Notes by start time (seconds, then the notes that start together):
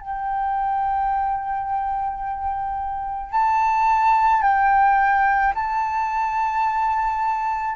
0.00 G5
3.32 A5
4.42 G5
5.55 A5